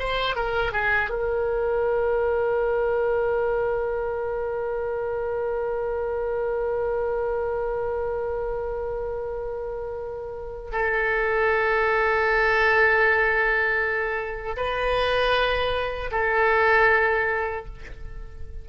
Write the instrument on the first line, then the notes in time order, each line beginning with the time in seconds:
oboe
0.00 C5
0.36 A#4
0.73 G#4
1.10 A#4
10.72 A4
14.57 B4
16.12 A4